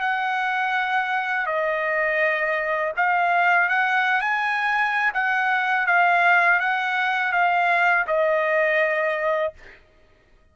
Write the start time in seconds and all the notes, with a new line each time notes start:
0.00 F#5
1.46 D#5
2.97 F5
3.69 F#5
4.21 G#5
5.14 F#5
5.87 F5
6.60 F#5
7.32 F5
8.07 D#5